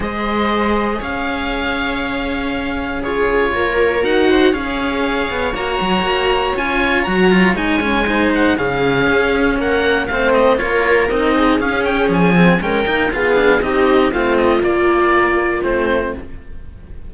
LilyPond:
<<
  \new Staff \with { instrumentName = "oboe" } { \time 4/4 \tempo 4 = 119 dis''2 f''2~ | f''2 cis''2 | fis''4 f''2 ais''4~ | ais''4 gis''4 ais''4 gis''4~ |
gis''8 fis''8 f''2 fis''4 | f''8 dis''8 cis''4 dis''4 f''8 g''8 | gis''4 g''4 f''4 dis''4 | f''8 dis''8 d''2 c''4 | }
  \new Staff \with { instrumentName = "viola" } { \time 4/4 c''2 cis''2~ | cis''2 gis'4 ais'4~ | ais'8 c''8 cis''2.~ | cis''1 |
c''4 gis'2 ais'4 | c''4 ais'4. gis'4.~ | gis'4 ais'4 gis'4 g'4 | f'1 | }
  \new Staff \with { instrumentName = "cello" } { \time 4/4 gis'1~ | gis'2 f'2 | fis'4 gis'2 fis'4~ | fis'4 f'4 fis'8 f'8 dis'8 cis'8 |
dis'4 cis'2. | c'4 f'4 dis'4 cis'4~ | cis'8 c'8 cis'8 dis'8 f'8 d'8 dis'4 | c'4 ais2 c'4 | }
  \new Staff \with { instrumentName = "cello" } { \time 4/4 gis2 cis'2~ | cis'2. ais4 | dis'4 cis'4. b8 ais8 fis8 | ais4 cis'4 fis4 gis4~ |
gis4 cis4 cis'4 ais4 | a4 ais4 c'4 cis'4 | f4 gis8 ais8 b4 c'4 | a4 ais2 a4 | }
>>